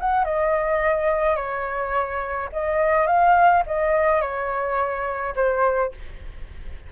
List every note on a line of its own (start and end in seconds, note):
0.00 0.24 F#5
0.24 1.36 D#5
1.36 2.49 C#5
2.53 3.07 D#5
3.07 3.63 F5
3.66 4.21 D#5
4.21 5.34 C#5
5.35 5.92 C5